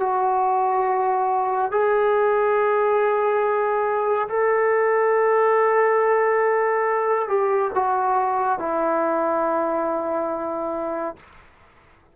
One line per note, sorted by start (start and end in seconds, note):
0.00 1.72 F#4
1.72 4.29 G#4
4.29 7.29 A4
7.29 7.71 G4
7.75 8.59 F#4
8.59 11.17 E4